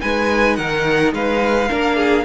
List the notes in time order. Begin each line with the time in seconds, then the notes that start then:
0.00 G#3 D#4 B4 G#5
0.56 D#3 A#4 F#5
1.13 G#3 B4 F5
1.69 A#3 D4 A#4
1.96 G#4